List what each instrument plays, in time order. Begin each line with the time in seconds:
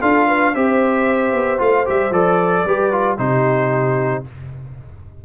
0.00 tuba D4, trombone F4, horn A4, trumpet F5
0.27 horn B4
0.54 tuba C4, trombone G4, horn C5, trumpet E5
1.33 tuba B3
1.58 tuba A3, trombone F4, trumpet F5
1.85 tuba G3, trombone G4, trumpet E5
2.10 tuba F3, trombone A4, trumpet D5
2.65 tuba G3, trombone G4, horn B4
2.91 trombone F4
3.18 tuba C3, trombone D#4, horn G4, trumpet C5